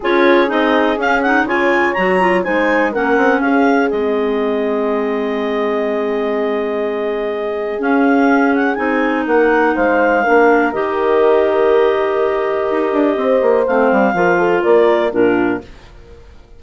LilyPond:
<<
  \new Staff \with { instrumentName = "clarinet" } { \time 4/4 \tempo 4 = 123 cis''4 dis''4 f''8 fis''8 gis''4 | ais''4 gis''4 fis''4 f''4 | dis''1~ | dis''1 |
f''4. fis''8 gis''4 fis''4 | f''2 dis''2~ | dis''1 | f''2 d''4 ais'4 | }
  \new Staff \with { instrumentName = "horn" } { \time 4/4 gis'2. cis''4~ | cis''4 c''4 ais'4 gis'4~ | gis'1~ | gis'1~ |
gis'2. ais'4 | c''4 ais'2.~ | ais'2. c''4~ | c''4 ais'8 a'8 ais'4 f'4 | }
  \new Staff \with { instrumentName = "clarinet" } { \time 4/4 f'4 dis'4 cis'8 dis'8 f'4 | fis'8 f'8 dis'4 cis'2 | c'1~ | c'1 |
cis'2 dis'2~ | dis'4 d'4 g'2~ | g'1 | c'4 f'2 d'4 | }
  \new Staff \with { instrumentName = "bassoon" } { \time 4/4 cis'4 c'4 cis'4 cis4 | fis4 gis4 ais8 c'8 cis'4 | gis1~ | gis1 |
cis'2 c'4 ais4 | gis4 ais4 dis2~ | dis2 dis'8 d'8 c'8 ais8 | a8 g8 f4 ais4 ais,4 | }
>>